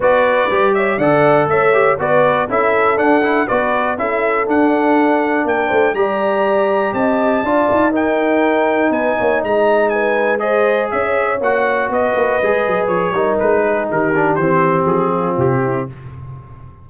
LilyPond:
<<
  \new Staff \with { instrumentName = "trumpet" } { \time 4/4 \tempo 4 = 121 d''4. e''8 fis''4 e''4 | d''4 e''4 fis''4 d''4 | e''4 fis''2 g''4 | ais''2 a''2 |
g''2 gis''4 ais''4 | gis''4 dis''4 e''4 fis''4 | dis''2 cis''4 b'4 | ais'4 c''4 gis'4 g'4 | }
  \new Staff \with { instrumentName = "horn" } { \time 4/4 b'4. cis''8 d''4 cis''4 | b'4 a'2 b'4 | a'2. ais'8 c''8 | d''2 dis''4 d''4 |
ais'2 b'8 cis''8 dis''4 | b'4 c''4 cis''2 | b'2~ b'8 ais'4 gis'8 | g'2~ g'8 f'4 e'8 | }
  \new Staff \with { instrumentName = "trombone" } { \time 4/4 fis'4 g'4 a'4. g'8 | fis'4 e'4 d'8 e'8 fis'4 | e'4 d'2. | g'2. f'4 |
dis'1~ | dis'4 gis'2 fis'4~ | fis'4 gis'4. dis'4.~ | dis'8 d'8 c'2. | }
  \new Staff \with { instrumentName = "tuba" } { \time 4/4 b4 g4 d4 a4 | b4 cis'4 d'4 b4 | cis'4 d'2 ais8 a8 | g2 c'4 d'8 dis'8~ |
dis'2 b8 ais8 gis4~ | gis2 cis'4 ais4 | b8 ais8 gis8 fis8 f8 g8 gis4 | dis4 e4 f4 c4 | }
>>